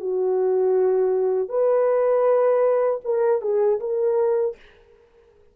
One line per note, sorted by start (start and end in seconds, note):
0.00 1.49 F#4
1.49 3.01 B4
3.04 3.42 A#4
3.42 3.80 G#4
3.80 4.56 A#4